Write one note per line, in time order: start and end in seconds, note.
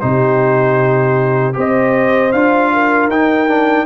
0.00 1.57 C3
0.00 1.53 D#4
0.00 1.55 G4
0.00 1.54 C5
1.53 2.33 C4
1.53 2.30 G4
1.53 2.71 C5
1.59 2.32 D#5
2.32 3.08 D4
2.32 3.11 F4
2.32 3.09 F5
2.73 3.85 A#4
3.08 3.85 D#4
3.08 3.48 D#4
3.08 3.85 G5
3.48 3.85 D4